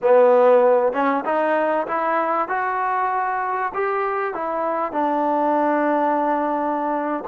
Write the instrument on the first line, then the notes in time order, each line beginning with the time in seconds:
trombone
0.02 B3
0.93 C#4
1.25 D#4
1.87 E4
2.48 F#4
3.73 G4
4.34 E4
4.91 D4